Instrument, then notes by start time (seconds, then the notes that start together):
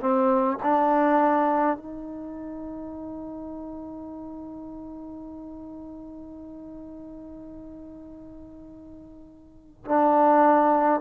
trombone
0.00 C4
0.62 D4
1.77 D#4
9.85 D4